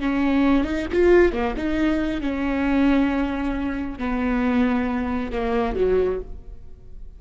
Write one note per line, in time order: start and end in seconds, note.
0.00 0.64 C#4
0.64 0.86 D#4
0.93 1.33 F4
1.33 1.55 A#3
1.56 2.21 D#4
2.21 3.98 C#4
3.99 5.32 B3
5.32 5.75 A#3
5.75 6.19 F#3